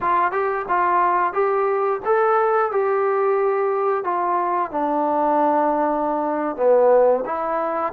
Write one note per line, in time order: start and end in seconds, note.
0.00 0.31 F4
0.31 0.65 G4
0.68 1.33 F4
1.33 2.00 G4
2.05 2.72 A4
2.72 4.04 G4
4.04 4.71 F4
4.71 6.56 D4
6.56 7.23 B3
7.25 7.92 E4